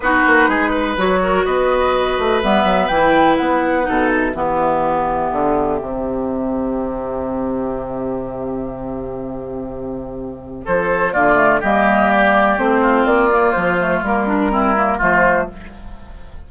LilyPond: <<
  \new Staff \with { instrumentName = "flute" } { \time 4/4 \tempo 4 = 124 b'2 cis''4 dis''4~ | dis''4 e''4 g''4 fis''4~ | fis''8 e''2.~ e''8~ | e''1~ |
e''1~ | e''2 c''4 d''4 | dis''4 d''4 c''4 d''4 | c''4 ais'2 c''4 | }
  \new Staff \with { instrumentName = "oboe" } { \time 4/4 fis'4 gis'8 b'4 ais'8 b'4~ | b'1 | a'4 g'2.~ | g'1~ |
g'1~ | g'2 a'4 f'4 | g'2~ g'8 f'4.~ | f'2 e'4 f'4 | }
  \new Staff \with { instrumentName = "clarinet" } { \time 4/4 dis'2 fis'2~ | fis'4 b4 e'2 | dis'4 b2. | c'1~ |
c'1~ | c'2. ais8 a8 | ais2 c'4. ais8~ | ais8 a8 ais8 d'8 c'8 ais8 a4 | }
  \new Staff \with { instrumentName = "bassoon" } { \time 4/4 b8 ais8 gis4 fis4 b4~ | b8 a8 g8 fis8 e4 b4 | b,4 e2 d4 | c1~ |
c1~ | c2 f4 d4 | g2 a4 ais4 | f4 g2 f4 | }
>>